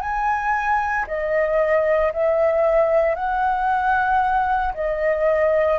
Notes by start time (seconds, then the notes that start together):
0.00 G#5
1.07 D#5
2.12 E5
3.15 F#5
4.74 D#5